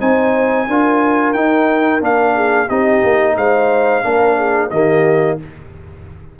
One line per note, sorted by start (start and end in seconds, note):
0.00 0.68 C4
0.00 0.67 D#4
0.00 0.67 C5
0.00 1.33 G#5
0.68 1.34 D4
0.68 1.35 F4
0.68 2.35 A#4
1.33 2.01 D#4
1.33 2.01 G5
2.01 2.69 A#3
2.01 2.68 D4
2.01 2.69 F5
2.35 2.67 G#4
2.67 3.03 C4
2.67 4.03 D#4
2.67 3.35 G4
2.67 3.37 D#5
3.04 3.36 A#3
3.36 4.04 G#3
3.36 4.05 C5
3.36 4.71 F5
4.03 4.71 A#3
4.03 4.71 D4
4.03 4.37 A#4
4.37 4.71 G#4
4.71 5.38 D#3
4.71 5.39 A#3
4.71 5.39 G4
4.71 5.38 D#5